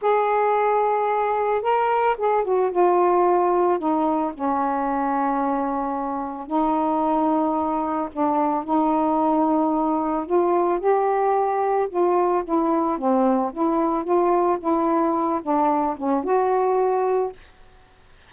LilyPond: \new Staff \with { instrumentName = "saxophone" } { \time 4/4 \tempo 4 = 111 gis'2. ais'4 | gis'8 fis'8 f'2 dis'4 | cis'1 | dis'2. d'4 |
dis'2. f'4 | g'2 f'4 e'4 | c'4 e'4 f'4 e'4~ | e'8 d'4 cis'8 fis'2 | }